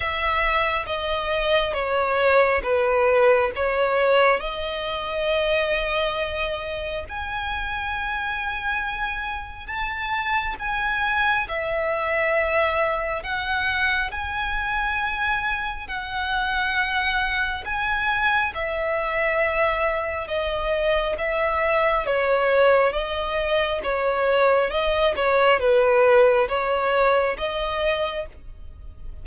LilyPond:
\new Staff \with { instrumentName = "violin" } { \time 4/4 \tempo 4 = 68 e''4 dis''4 cis''4 b'4 | cis''4 dis''2. | gis''2. a''4 | gis''4 e''2 fis''4 |
gis''2 fis''2 | gis''4 e''2 dis''4 | e''4 cis''4 dis''4 cis''4 | dis''8 cis''8 b'4 cis''4 dis''4 | }